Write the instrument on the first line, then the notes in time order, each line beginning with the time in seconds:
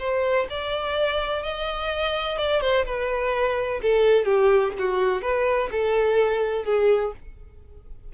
violin
0.00 C5
0.50 D5
1.43 D#5
2.38 D5
2.61 C5
2.86 B4
3.83 A4
4.25 G4
4.79 F#4
5.22 B4
5.72 A4
6.65 G#4